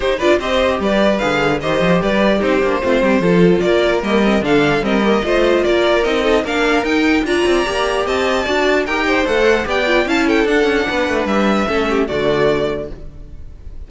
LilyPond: <<
  \new Staff \with { instrumentName = "violin" } { \time 4/4 \tempo 4 = 149 c''8 d''8 dis''4 d''4 f''4 | dis''4 d''4 c''2~ | c''4 d''4 dis''4 f''4 | dis''2 d''4 dis''4 |
f''4 g''4 ais''2 | a''2 g''4 fis''4 | g''4 a''8 g''8 fis''2 | e''2 d''2 | }
  \new Staff \with { instrumentName = "violin" } { \time 4/4 g'8 b'8 c''4 b'2 | c''4 b'4 g'4 f'8 g'8 | a'4 ais'2 a'4 | ais'4 c''4 ais'4. a'8 |
ais'2 d''2 | dis''4 d''4 ais'8 c''4. | d''4 f''8 a'4. b'4~ | b'4 a'8 g'8 fis'2 | }
  \new Staff \with { instrumentName = "viola" } { \time 4/4 dis'8 f'8 g'2 gis'4 | g'2 dis'8 d'8 c'4 | f'2 ais8 c'8 d'4 | c'8 ais8 f'2 dis'4 |
d'4 dis'4 f'4 g'4~ | g'4 fis'4 g'4 a'4 | g'8 f'8 e'4 d'2~ | d'4 cis'4 a2 | }
  \new Staff \with { instrumentName = "cello" } { \time 4/4 dis'8 d'8 c'4 g4 d4 | dis8 f8 g4 c'8 ais8 a8 g8 | f4 ais4 g4 d4 | g4 a4 ais4 c'4 |
ais4 dis'4 d'8 c'8 ais4 | c'4 d'4 dis'4 a4 | b4 cis'4 d'8 cis'8 b8 a8 | g4 a4 d2 | }
>>